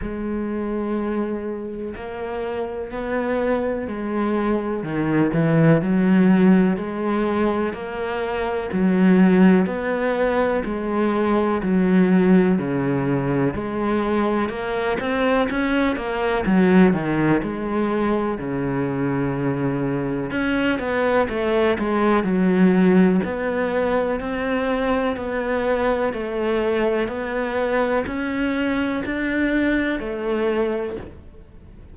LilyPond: \new Staff \with { instrumentName = "cello" } { \time 4/4 \tempo 4 = 62 gis2 ais4 b4 | gis4 dis8 e8 fis4 gis4 | ais4 fis4 b4 gis4 | fis4 cis4 gis4 ais8 c'8 |
cis'8 ais8 fis8 dis8 gis4 cis4~ | cis4 cis'8 b8 a8 gis8 fis4 | b4 c'4 b4 a4 | b4 cis'4 d'4 a4 | }